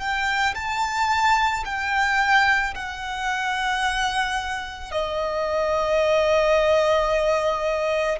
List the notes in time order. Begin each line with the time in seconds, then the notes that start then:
0.00 G5
0.55 A5
1.65 G5
2.75 F#5
4.92 D#5